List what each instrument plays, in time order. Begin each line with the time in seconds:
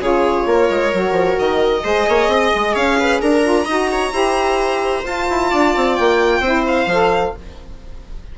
0.00 bassoon C#3, saxophone F4, viola G#4, violin C#5
0.45 bassoon A#3, viola A#4
0.70 bassoon G#3
0.92 bassoon F#3, saxophone F#4
1.12 bassoon F3
1.39 bassoon D#3, violin D#5
1.83 bassoon G#3, saxophone G#4, viola C5
2.09 bassoon A#3, viola C#5
2.28 bassoon C4, viola D#5
2.55 bassoon G#3
2.73 bassoon C#4, viola C#5, violin F5
3.00 viola B4
3.21 bassoon D4, viola A#4, violin A#5
3.42 saxophone F4
3.65 bassoon D#4, saxophone F#4, viola D#5
3.92 viola C#5
4.12 bassoon E4, saxophone G4, viola C5
5.04 bassoon F4, saxophone F4, violin A5
5.30 bassoon E4
5.50 bassoon D4, viola D5
5.76 bassoon C4
5.95 bassoon A#3, violin G5
6.40 bassoon C4, saxophone E4, viola C5
6.67 violin F5
6.86 bassoon F3, saxophone A4